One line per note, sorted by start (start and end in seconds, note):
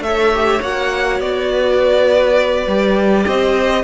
0.00 0.59 A3
0.00 0.34 A4
0.00 1.51 C#5
0.00 0.61 E5
0.34 0.61 G4
0.61 1.20 A#3
0.61 2.67 F#4
0.61 1.20 F#5
1.20 2.66 B3
1.20 3.26 D5
1.51 3.27 B4
2.66 3.25 G3
2.66 3.83 G4
3.26 3.83 C4
3.26 3.83 C5
3.26 3.83 D#5